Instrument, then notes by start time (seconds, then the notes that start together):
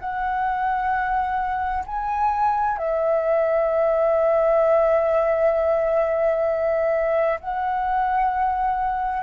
flute
0.00 F#5
1.86 G#5
2.78 E5
7.41 F#5